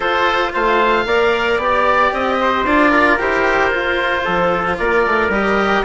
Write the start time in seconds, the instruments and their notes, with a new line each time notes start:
0.00 bassoon F4, cello F4, trumpet A4, oboe C5
0.53 bassoon A3, trumpet C5, oboe F5
1.05 bassoon A#3, cello A#4, trumpet D5
1.57 bassoon B3, cello G4, oboe D5
2.13 bassoon C4, oboe D#5
2.40 trumpet C5
2.65 bassoon D4, cello F4, oboe D5
2.90 trumpet A#4
3.19 bassoon E4, cello G4, oboe C5
3.71 cello F4, bassoon F4
4.24 bassoon F3, trumpet A4
4.78 bassoon A#3, trumpet A#4, oboe D5
5.06 bassoon A3
5.28 bassoon G3, cello G4, oboe D#5